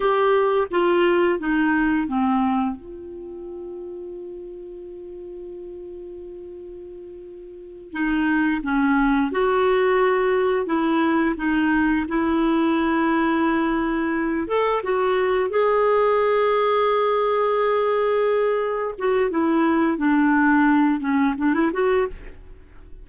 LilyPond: \new Staff \with { instrumentName = "clarinet" } { \time 4/4 \tempo 4 = 87 g'4 f'4 dis'4 c'4 | f'1~ | f'2.~ f'8 dis'8~ | dis'8 cis'4 fis'2 e'8~ |
e'8 dis'4 e'2~ e'8~ | e'4 a'8 fis'4 gis'4.~ | gis'2.~ gis'8 fis'8 | e'4 d'4. cis'8 d'16 e'16 fis'8 | }